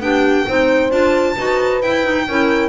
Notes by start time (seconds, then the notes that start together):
0.00 B3 D4 G4 G5
0.47 C4 D#4 C5
0.90 D4 F4 A5
1.36 D#4 F#4 B4
1.81 E4 G5
2.03 D#4
2.27 C#4 E4 A#4